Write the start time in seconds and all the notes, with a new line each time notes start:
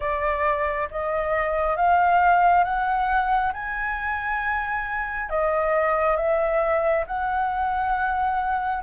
0.00 D5
0.90 D#5
1.76 F5
2.64 F#5
3.53 G#5
5.29 D#5
6.16 E5
7.06 F#5